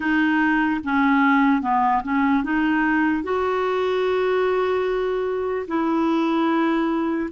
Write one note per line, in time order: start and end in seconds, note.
0.00 0.81 D#4
0.83 1.61 C#4
1.61 2.02 B3
2.03 2.43 C#4
2.43 3.22 D#4
3.22 5.66 F#4
5.67 7.29 E4